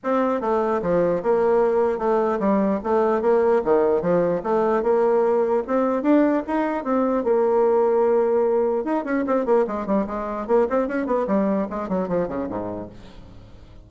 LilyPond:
\new Staff \with { instrumentName = "bassoon" } { \time 4/4 \tempo 4 = 149 c'4 a4 f4 ais4~ | ais4 a4 g4 a4 | ais4 dis4 f4 a4 | ais2 c'4 d'4 |
dis'4 c'4 ais2~ | ais2 dis'8 cis'8 c'8 ais8 | gis8 g8 gis4 ais8 c'8 cis'8 b8 | g4 gis8 fis8 f8 cis8 gis,4 | }